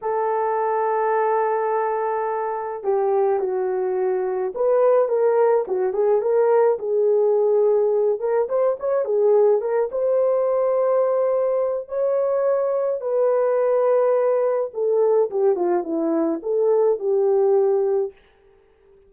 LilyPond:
\new Staff \with { instrumentName = "horn" } { \time 4/4 \tempo 4 = 106 a'1~ | a'4 g'4 fis'2 | b'4 ais'4 fis'8 gis'8 ais'4 | gis'2~ gis'8 ais'8 c''8 cis''8 |
gis'4 ais'8 c''2~ c''8~ | c''4 cis''2 b'4~ | b'2 a'4 g'8 f'8 | e'4 a'4 g'2 | }